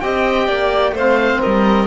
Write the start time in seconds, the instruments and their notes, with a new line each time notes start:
0.00 cello C4, trombone G4, violin D#5, oboe G5
0.47 cello A#3, violin D5
0.92 cello A3, trombone C4, violin C5
0.98 oboe F5
1.40 cello G3, violin A#4, oboe D#5